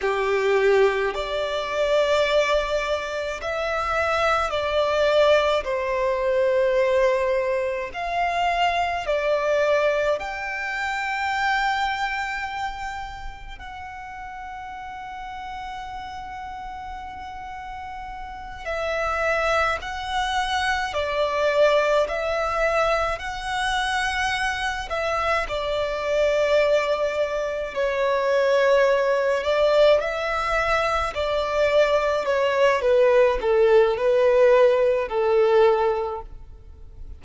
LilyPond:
\new Staff \with { instrumentName = "violin" } { \time 4/4 \tempo 4 = 53 g'4 d''2 e''4 | d''4 c''2 f''4 | d''4 g''2. | fis''1~ |
fis''8 e''4 fis''4 d''4 e''8~ | e''8 fis''4. e''8 d''4.~ | d''8 cis''4. d''8 e''4 d''8~ | d''8 cis''8 b'8 a'8 b'4 a'4 | }